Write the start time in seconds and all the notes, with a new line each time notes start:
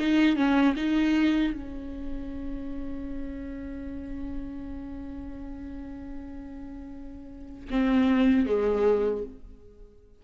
0.00 D#4
0.37 C#4
0.77 D#4
1.54 C#4
7.71 C4
8.47 G#3